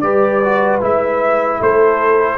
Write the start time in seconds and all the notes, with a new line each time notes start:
0.00 G3 G4 B4 D5
0.44 F#4
0.81 G#3 E4 E5
1.60 A3 A4 C5